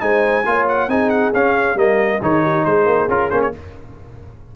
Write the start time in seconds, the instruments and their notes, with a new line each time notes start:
0.00 tuba G#3, trombone D#4, horn C5, trumpet G#5
0.46 tuba A#3, trombone F4, horn C#5
0.68 trumpet F#5
0.88 tuba C4, trombone D#4, horn G#4, trumpet G#5
1.09 trumpet F#5
1.34 tuba C#4, trombone C#4, trumpet F5
1.75 tuba G3, trombone A#3, horn A#4, trumpet D#5
2.21 tuba D#3, trombone D#4, horn G#4, trumpet C#5
2.43 horn G4
2.65 tuba G#3, horn G#4, trumpet C5
2.86 tuba A#3
3.08 tuba C#4, trombone F4, trumpet A#4
3.30 tuba A#3, trombone C#4, trumpet C5
3.42 trumpet C#5